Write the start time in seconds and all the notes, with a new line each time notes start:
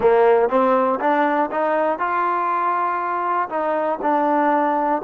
0.00 A#3
0.49 C4
1.00 D4
1.51 D#4
1.99 F4
3.49 D#4
4.02 D4